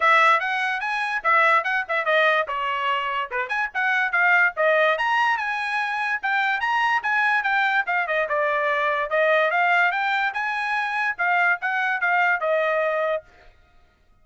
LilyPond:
\new Staff \with { instrumentName = "trumpet" } { \time 4/4 \tempo 4 = 145 e''4 fis''4 gis''4 e''4 | fis''8 e''8 dis''4 cis''2 | b'8 gis''8 fis''4 f''4 dis''4 | ais''4 gis''2 g''4 |
ais''4 gis''4 g''4 f''8 dis''8 | d''2 dis''4 f''4 | g''4 gis''2 f''4 | fis''4 f''4 dis''2 | }